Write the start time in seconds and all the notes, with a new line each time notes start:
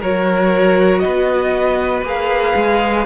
0.00 F#3 F#4 A#4 C#5
0.99 B3 B4 D#5
2.02 A#3 G#4 F5
2.55 G#3